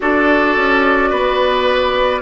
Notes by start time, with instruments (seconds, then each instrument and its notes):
0.00 bassoon D4, clarinet F#4, oboe A4, flute D5
0.56 bassoon C#4
1.09 bassoon B3, oboe B4